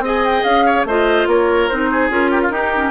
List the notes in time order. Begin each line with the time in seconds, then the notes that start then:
0.00 C4 G#4 D#5
0.07 G#5
0.26 G5
0.44 C#4 F5
0.66 C#5
0.85 A3 F4 C5 D#5
1.27 A#3 A#4 C#5
1.69 C4 D#4 C5
1.91 G#4
2.10 C#4 F4 A#4
2.31 G4
2.42 F4
2.50 D#4 G4
2.76 C#4